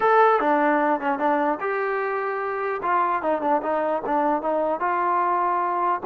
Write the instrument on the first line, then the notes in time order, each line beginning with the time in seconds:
trombone
0.00 A4
0.39 D4
1.00 C#4
1.18 D4
1.60 G4
2.82 F4
3.22 D#4
3.41 D4
3.62 D#4
4.06 D4
4.41 D#4
4.79 F4